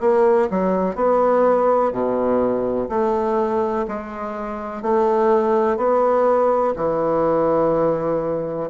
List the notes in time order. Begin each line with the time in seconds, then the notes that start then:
0.00 A#3
0.50 F#3
0.95 B3
1.92 B2
2.89 A3
3.88 G#3
4.82 A3
5.77 B3
6.76 E3